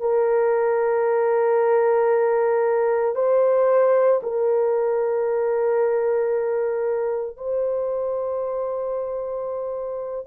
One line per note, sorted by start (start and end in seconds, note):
0.00 3.15 A#4
3.15 4.21 C5
4.22 7.37 A#4
7.37 10.26 C5